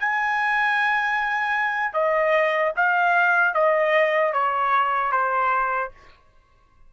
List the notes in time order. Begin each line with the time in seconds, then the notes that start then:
0.00 G#5
1.94 D#5
2.77 F5
3.55 D#5
4.33 C#5
5.12 C5